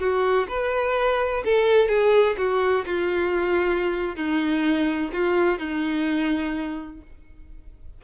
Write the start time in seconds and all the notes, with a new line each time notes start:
0.00 F#4
0.49 B4
1.45 A4
1.88 G#4
2.38 F#4
2.86 F4
4.16 D#4
5.13 F4
5.59 D#4